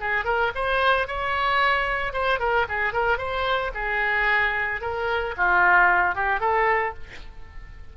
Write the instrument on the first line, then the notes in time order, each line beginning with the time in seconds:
oboe
0.00 G#4
0.25 A#4
0.55 C5
1.07 C#5
2.13 C5
2.39 A#4
2.68 G#4
2.93 A#4
3.18 C5
3.74 G#4
4.81 A#4
5.37 F4
6.15 G4
6.40 A4